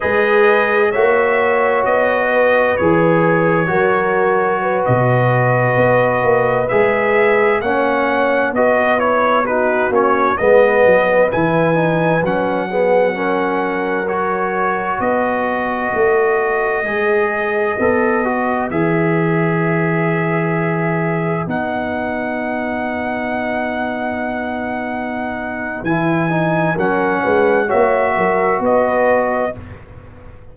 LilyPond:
<<
  \new Staff \with { instrumentName = "trumpet" } { \time 4/4 \tempo 4 = 65 dis''4 e''4 dis''4 cis''4~ | cis''4~ cis''16 dis''2 e''8.~ | e''16 fis''4 dis''8 cis''8 b'8 cis''8 dis''8.~ | dis''16 gis''4 fis''2 cis''8.~ |
cis''16 dis''2.~ dis''8.~ | dis''16 e''2. fis''8.~ | fis''1 | gis''4 fis''4 e''4 dis''4 | }
  \new Staff \with { instrumentName = "horn" } { \time 4/4 b'4 cis''4. b'4. | ais'4 b'2.~ | b'16 cis''4 b'4 fis'4 b'8.~ | b'4.~ b'16 gis'8 ais'4.~ ais'16~ |
ais'16 b'2.~ b'8.~ | b'1~ | b'1~ | b'4 ais'8 b'8 cis''8 ais'8 b'4 | }
  \new Staff \with { instrumentName = "trombone" } { \time 4/4 gis'4 fis'2 gis'4 | fis'2.~ fis'16 gis'8.~ | gis'16 cis'4 fis'8 e'8 dis'8 cis'8 b8.~ | b16 e'8 dis'8 cis'8 b8 cis'4 fis'8.~ |
fis'2~ fis'16 gis'4 a'8 fis'16~ | fis'16 gis'2. dis'8.~ | dis'1 | e'8 dis'8 cis'4 fis'2 | }
  \new Staff \with { instrumentName = "tuba" } { \time 4/4 gis4 ais4 b4 e4 | fis4~ fis16 b,4 b8 ais8 gis8.~ | gis16 ais4 b4. ais8 gis8 fis16~ | fis16 e4 fis2~ fis8.~ |
fis16 b4 a4 gis4 b8.~ | b16 e2. b8.~ | b1 | e4 fis8 gis8 ais8 fis8 b4 | }
>>